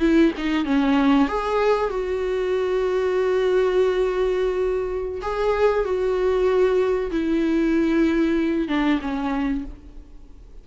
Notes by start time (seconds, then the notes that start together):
0.00 E4
0.37 D#4
0.65 C#4
1.28 G#4
1.90 F#4
5.22 G#4
5.84 F#4
7.11 E4
8.68 D4
9.01 C#4